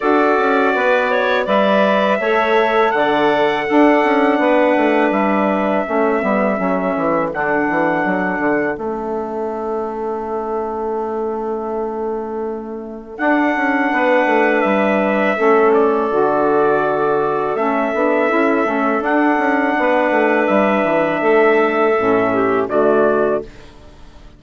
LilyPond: <<
  \new Staff \with { instrumentName = "trumpet" } { \time 4/4 \tempo 4 = 82 d''2 e''2 | fis''2. e''4~ | e''2 fis''2 | e''1~ |
e''2 fis''2 | e''4. d''2~ d''8 | e''2 fis''2 | e''2. d''4 | }
  \new Staff \with { instrumentName = "clarinet" } { \time 4/4 a'4 b'8 cis''8 d''4 cis''4 | d''4 a'4 b'2 | a'1~ | a'1~ |
a'2. b'4~ | b'4 a'2.~ | a'2. b'4~ | b'4 a'4. g'8 fis'4 | }
  \new Staff \with { instrumentName = "saxophone" } { \time 4/4 fis'2 b'4 a'4~ | a'4 d'2. | cis'8 b8 cis'4 d'2 | cis'1~ |
cis'2 d'2~ | d'4 cis'4 fis'2 | cis'8 d'8 e'8 cis'8 d'2~ | d'2 cis'4 a4 | }
  \new Staff \with { instrumentName = "bassoon" } { \time 4/4 d'8 cis'8 b4 g4 a4 | d4 d'8 cis'8 b8 a8 g4 | a8 g8 fis8 e8 d8 e8 fis8 d8 | a1~ |
a2 d'8 cis'8 b8 a8 | g4 a4 d2 | a8 b8 cis'8 a8 d'8 cis'8 b8 a8 | g8 e8 a4 a,4 d4 | }
>>